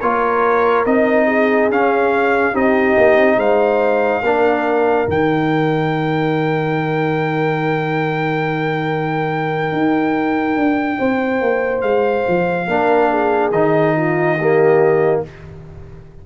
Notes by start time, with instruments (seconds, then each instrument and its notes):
0.00 tuba A#3, trombone F4, horn A#4, trumpet C#5
0.85 tuba C4, trombone D#4, trumpet D#5
1.25 horn G#4
1.68 tuba C#4, trombone C#4, trumpet F5
2.52 tuba C4, trombone D#4, horn G4, trumpet D#5
2.97 tuba A#3
3.17 tuba C4
3.36 tuba G#3, horn C5, trumpet F5
4.23 tuba A#3, trombone D4, horn A#4
5.06 tuba D#3, trombone D#4, trumpet G5
9.72 tuba D#4
10.56 tuba D4
10.98 tuba C4, horn C5
11.40 tuba A#3
11.81 tuba G#3, trumpet F5
12.27 tuba F3
12.67 tuba A#3, trombone D4, horn A#4
13.11 horn G#4
13.51 tuba D#3, trombone D#4, trumpet D#5
13.95 horn F4
14.37 trombone A#3, horn G4